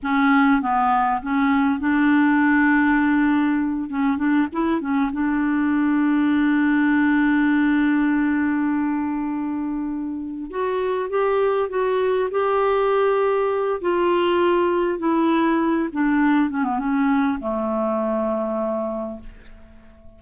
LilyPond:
\new Staff \with { instrumentName = "clarinet" } { \time 4/4 \tempo 4 = 100 cis'4 b4 cis'4 d'4~ | d'2~ d'8 cis'8 d'8 e'8 | cis'8 d'2.~ d'8~ | d'1~ |
d'4. fis'4 g'4 fis'8~ | fis'8 g'2~ g'8 f'4~ | f'4 e'4. d'4 cis'16 b16 | cis'4 a2. | }